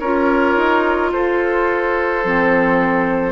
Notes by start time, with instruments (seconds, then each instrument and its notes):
0.00 bassoon C#4, clarinet F4, oboe A#4, flute C#5
0.57 bassoon D#4
1.12 bassoon F4, oboe A4, flute C5
2.25 bassoon F3, clarinet C4